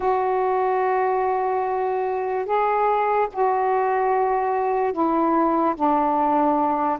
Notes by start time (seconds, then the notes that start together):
0.00 F#4
2.45 G#4
3.33 F#4
4.92 E4
5.75 D4